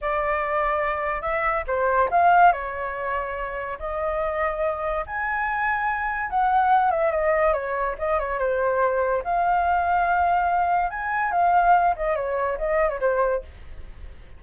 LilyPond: \new Staff \with { instrumentName = "flute" } { \time 4/4 \tempo 4 = 143 d''2. e''4 | c''4 f''4 cis''2~ | cis''4 dis''2. | gis''2. fis''4~ |
fis''8 e''8 dis''4 cis''4 dis''8 cis''8 | c''2 f''2~ | f''2 gis''4 f''4~ | f''8 dis''8 cis''4 dis''8. cis''16 c''4 | }